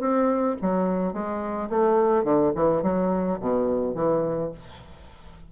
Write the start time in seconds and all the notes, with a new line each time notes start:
0.00 C4
0.61 F#3
1.13 G#3
1.70 A3
2.24 D3
2.55 E3
2.83 F#3
3.40 B2
3.95 E3